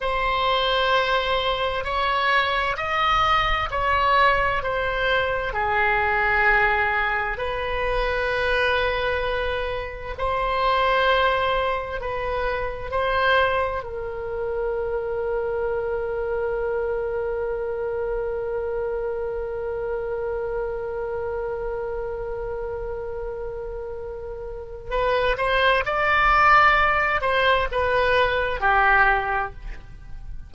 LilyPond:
\new Staff \with { instrumentName = "oboe" } { \time 4/4 \tempo 4 = 65 c''2 cis''4 dis''4 | cis''4 c''4 gis'2 | b'2. c''4~ | c''4 b'4 c''4 ais'4~ |
ais'1~ | ais'1~ | ais'2. b'8 c''8 | d''4. c''8 b'4 g'4 | }